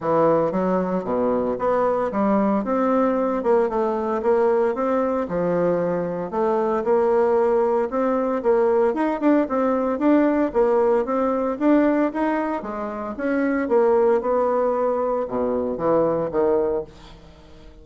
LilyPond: \new Staff \with { instrumentName = "bassoon" } { \time 4/4 \tempo 4 = 114 e4 fis4 b,4 b4 | g4 c'4. ais8 a4 | ais4 c'4 f2 | a4 ais2 c'4 |
ais4 dis'8 d'8 c'4 d'4 | ais4 c'4 d'4 dis'4 | gis4 cis'4 ais4 b4~ | b4 b,4 e4 dis4 | }